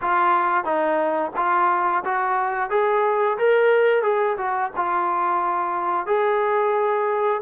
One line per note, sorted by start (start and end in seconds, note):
0.01 0.64 F4
0.64 1.31 D#4
1.36 2.03 F4
2.04 2.70 F#4
2.70 3.37 G#4
3.37 4.03 A#4
4.03 4.36 G#4
4.37 4.71 F#4
4.76 6.06 F4
6.06 7.41 G#4